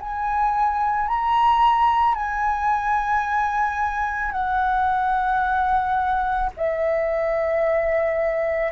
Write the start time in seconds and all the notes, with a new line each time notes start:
0.00 G#5
1.08 A#5
2.15 G#5
4.32 F#5
6.57 E5